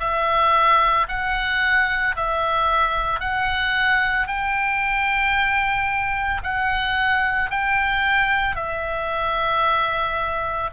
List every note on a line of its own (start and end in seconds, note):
0.00 1.07 E5
1.09 2.16 F#5
2.16 3.20 E5
3.20 4.28 F#5
4.28 6.42 G5
6.43 7.50 F#5
7.50 8.56 G5
8.56 10.70 E5